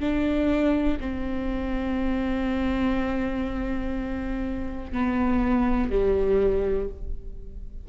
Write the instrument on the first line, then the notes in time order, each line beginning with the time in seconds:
viola
0.00 D4
1.00 C4
4.93 B3
5.90 G3